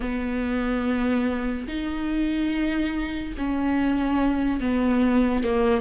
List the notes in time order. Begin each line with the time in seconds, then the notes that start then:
0.00 B3
1.67 D#4
3.37 C#4
4.60 B3
5.43 A#3